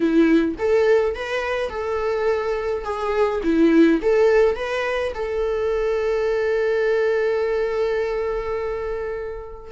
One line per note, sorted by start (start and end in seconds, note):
0.00 0.55 E4
0.58 1.15 A4
1.15 1.69 B4
1.69 2.84 A4
2.84 3.41 G#4
3.43 4.00 E4
4.02 4.55 A4
4.55 5.12 B4
5.14 9.71 A4